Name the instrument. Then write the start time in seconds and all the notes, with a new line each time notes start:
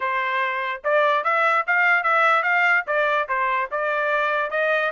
trumpet
0.00 C5
0.83 D5
1.24 E5
1.66 F5
2.03 E5
2.42 F5
2.86 D5
3.28 C5
3.71 D5
4.50 D#5